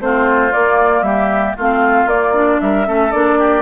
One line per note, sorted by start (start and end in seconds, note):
0.00 0.52 A3
0.00 0.52 C4
0.00 1.05 F4
0.00 0.53 C5
0.53 1.57 A#3
0.53 1.02 A#3
0.53 1.03 D5
1.02 1.54 G3
1.02 1.57 G4
1.02 1.55 E5
1.57 2.06 A3
1.57 2.09 C4
1.57 2.60 F4
1.57 2.08 F5
2.06 2.58 A#3
2.06 2.34 A#3
2.06 2.60 D5
2.34 2.86 D4
2.60 2.88 G3
2.60 2.87 A#4
2.60 3.12 E5
2.86 3.13 A3
2.86 3.11 C#4
2.86 3.39 A4
3.12 3.62 A#3
3.12 3.62 D4
3.12 3.62 D5
3.39 3.62 G4